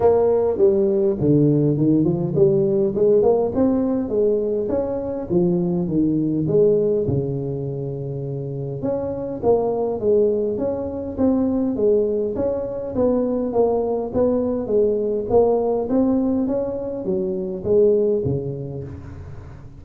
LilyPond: \new Staff \with { instrumentName = "tuba" } { \time 4/4 \tempo 4 = 102 ais4 g4 d4 dis8 f8 | g4 gis8 ais8 c'4 gis4 | cis'4 f4 dis4 gis4 | cis2. cis'4 |
ais4 gis4 cis'4 c'4 | gis4 cis'4 b4 ais4 | b4 gis4 ais4 c'4 | cis'4 fis4 gis4 cis4 | }